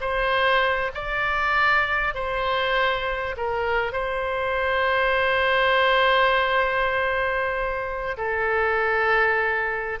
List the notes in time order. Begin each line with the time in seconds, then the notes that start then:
0.00 C5
0.94 D5
2.14 C5
3.36 A#4
3.92 C5
8.17 A4